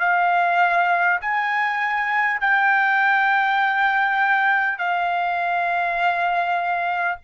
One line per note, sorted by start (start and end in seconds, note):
0.00 1.20 F5
1.22 2.41 G#5
2.41 4.78 G5
4.78 7.18 F5